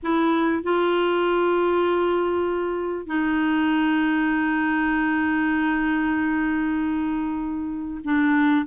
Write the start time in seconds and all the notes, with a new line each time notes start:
0.03 E4
0.63 F4
3.06 D#4
8.04 D4